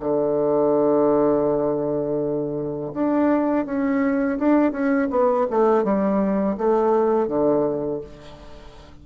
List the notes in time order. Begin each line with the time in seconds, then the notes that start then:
0.00 D3
2.93 D4
3.65 C#4
4.39 D4
4.72 C#4
5.10 B3
5.50 A3
5.84 G3
6.58 A3
7.28 D3